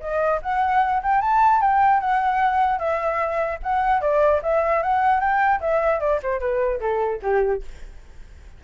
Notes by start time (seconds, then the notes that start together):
0.00 D#5
0.42 F#5
1.02 G5
1.21 A5
1.61 G5
2.00 F#5
2.78 E5
3.63 F#5
4.01 D5
4.42 E5
4.82 F#5
5.20 G5
5.60 E5
5.99 D5
6.22 C5
6.40 B4
6.80 A4
7.22 G4